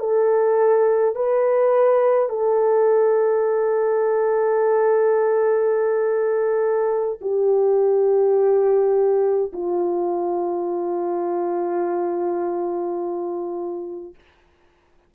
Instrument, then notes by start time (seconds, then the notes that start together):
horn
0.00 A4
1.15 B4
2.29 A4
7.21 G4
9.53 F4